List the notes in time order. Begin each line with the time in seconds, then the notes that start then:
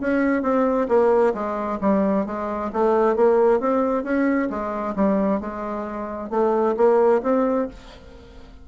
0.00 C#4
0.42 C4
0.88 A#3
1.33 G#3
1.80 G3
2.26 G#3
2.72 A3
3.16 A#3
3.60 C4
4.03 C#4
4.49 G#3
4.95 G3
5.40 G#3
6.30 A3
6.76 A#3
7.23 C4